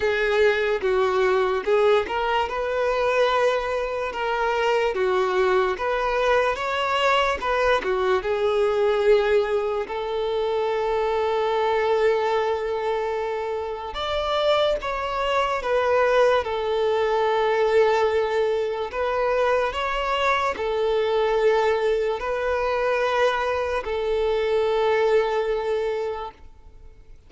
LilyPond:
\new Staff \with { instrumentName = "violin" } { \time 4/4 \tempo 4 = 73 gis'4 fis'4 gis'8 ais'8 b'4~ | b'4 ais'4 fis'4 b'4 | cis''4 b'8 fis'8 gis'2 | a'1~ |
a'4 d''4 cis''4 b'4 | a'2. b'4 | cis''4 a'2 b'4~ | b'4 a'2. | }